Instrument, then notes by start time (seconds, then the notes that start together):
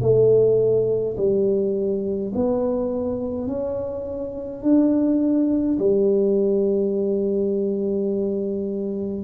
tuba
0.00 A3
1.17 G3
2.34 B3
3.47 C#4
4.62 D4
5.78 G3